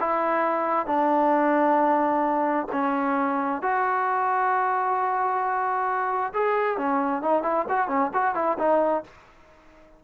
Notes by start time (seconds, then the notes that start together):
0.00 E4
0.86 D4
2.72 C#4
3.62 F#4
6.34 G#4
6.78 C#4
7.22 D#4
7.43 E4
7.69 F#4
7.88 C#4
8.14 F#4
8.35 E4
8.58 D#4